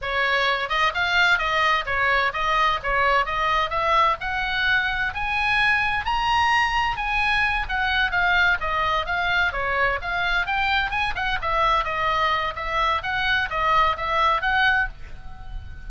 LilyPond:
\new Staff \with { instrumentName = "oboe" } { \time 4/4 \tempo 4 = 129 cis''4. dis''8 f''4 dis''4 | cis''4 dis''4 cis''4 dis''4 | e''4 fis''2 gis''4~ | gis''4 ais''2 gis''4~ |
gis''8 fis''4 f''4 dis''4 f''8~ | f''8 cis''4 f''4 g''4 gis''8 | fis''8 e''4 dis''4. e''4 | fis''4 dis''4 e''4 fis''4 | }